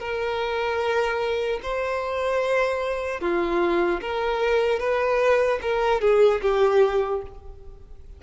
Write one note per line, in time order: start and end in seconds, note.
0.00 1.60 A#4
1.63 3.21 C5
3.21 4.01 F4
4.01 4.80 A#4
4.80 5.60 B4
5.62 6.01 A#4
6.01 6.41 G#4
6.42 7.22 G4